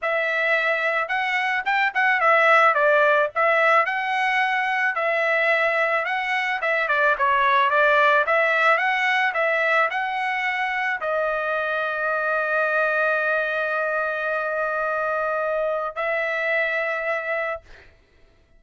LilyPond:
\new Staff \with { instrumentName = "trumpet" } { \time 4/4 \tempo 4 = 109 e''2 fis''4 g''8 fis''8 | e''4 d''4 e''4 fis''4~ | fis''4 e''2 fis''4 | e''8 d''8 cis''4 d''4 e''4 |
fis''4 e''4 fis''2 | dis''1~ | dis''1~ | dis''4 e''2. | }